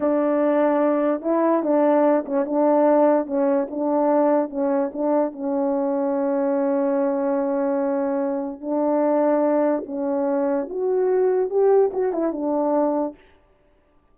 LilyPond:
\new Staff \with { instrumentName = "horn" } { \time 4/4 \tempo 4 = 146 d'2. e'4 | d'4. cis'8 d'2 | cis'4 d'2 cis'4 | d'4 cis'2.~ |
cis'1~ | cis'4 d'2. | cis'2 fis'2 | g'4 fis'8 e'8 d'2 | }